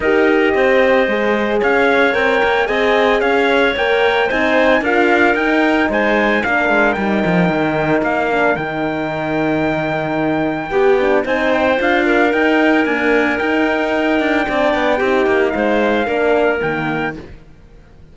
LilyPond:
<<
  \new Staff \with { instrumentName = "trumpet" } { \time 4/4 \tempo 4 = 112 dis''2. f''4 | g''4 gis''4 f''4 g''4 | gis''4 f''4 g''4 gis''4 | f''4 g''2 f''4 |
g''1~ | g''4 gis''8 g''8 f''4 g''4 | gis''4 g''2.~ | g''4 f''2 g''4 | }
  \new Staff \with { instrumentName = "clarinet" } { \time 4/4 ais'4 c''2 cis''4~ | cis''4 dis''4 cis''2 | c''4 ais'2 c''4 | ais'1~ |
ais'1 | g'4 c''4. ais'4.~ | ais'2. d''4 | g'4 c''4 ais'2 | }
  \new Staff \with { instrumentName = "horn" } { \time 4/4 g'2 gis'2 | ais'4 gis'2 ais'4 | dis'4 f'4 dis'2 | d'4 dis'2~ dis'8 d'8 |
dis'1 | g'8 d'8 dis'4 f'4 dis'4 | ais4 dis'2 d'4 | dis'2 d'4 ais4 | }
  \new Staff \with { instrumentName = "cello" } { \time 4/4 dis'4 c'4 gis4 cis'4 | c'8 ais8 c'4 cis'4 ais4 | c'4 d'4 dis'4 gis4 | ais8 gis8 g8 f8 dis4 ais4 |
dis1 | b4 c'4 d'4 dis'4 | d'4 dis'4. d'8 c'8 b8 | c'8 ais8 gis4 ais4 dis4 | }
>>